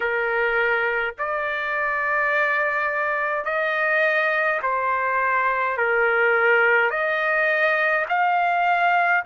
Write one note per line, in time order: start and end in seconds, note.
0.00 1.14 A#4
1.18 3.45 D5
3.45 4.60 D#5
4.62 5.77 C5
5.77 6.90 A#4
6.90 8.05 D#5
8.08 9.24 F5